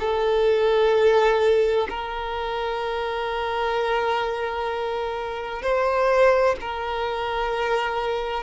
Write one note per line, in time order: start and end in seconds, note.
0.00 1.87 A4
1.89 5.62 A#4
5.62 6.56 C5
6.61 8.43 A#4